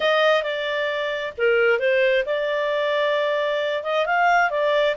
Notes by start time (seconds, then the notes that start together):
0.00 D#5
0.43 D5
1.37 A#4
1.79 C5
2.25 D5
3.83 D#5
4.06 F5
4.50 D5